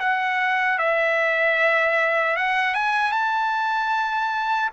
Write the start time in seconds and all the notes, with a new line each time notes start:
0.00 F#5
0.79 E5
2.37 F#5
2.75 G#5
3.12 A5